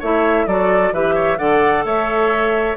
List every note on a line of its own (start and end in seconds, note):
0.00 0.47 A3
0.00 0.48 E4
0.00 0.46 C#5
0.00 0.47 E5
0.47 0.92 F#3
0.47 0.94 F#4
0.47 0.94 A4
0.47 0.94 D5
0.92 1.38 E3
0.92 1.38 G4
0.92 1.15 B4
0.92 1.38 E5
1.15 1.38 C#5
1.38 1.85 D3
1.38 2.77 A4
1.38 1.85 D5
1.38 1.84 F#5
1.85 2.77 A3
1.85 2.77 C#5
1.85 2.77 E5